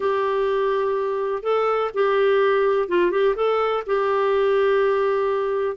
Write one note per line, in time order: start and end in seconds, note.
0.00 1.42 G4
1.42 1.90 A4
1.94 2.88 G4
2.88 3.11 F4
3.11 3.35 G4
3.35 3.83 A4
3.86 5.76 G4